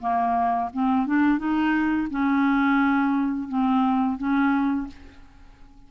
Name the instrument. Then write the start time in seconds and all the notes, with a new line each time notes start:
clarinet
0.00 A#3
0.73 C4
1.07 D4
1.39 D#4
2.11 C#4
3.48 C4
4.18 C#4